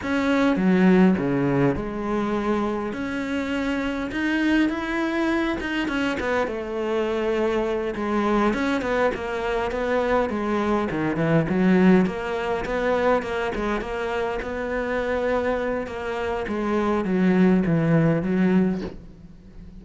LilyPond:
\new Staff \with { instrumentName = "cello" } { \time 4/4 \tempo 4 = 102 cis'4 fis4 cis4 gis4~ | gis4 cis'2 dis'4 | e'4. dis'8 cis'8 b8 a4~ | a4. gis4 cis'8 b8 ais8~ |
ais8 b4 gis4 dis8 e8 fis8~ | fis8 ais4 b4 ais8 gis8 ais8~ | ais8 b2~ b8 ais4 | gis4 fis4 e4 fis4 | }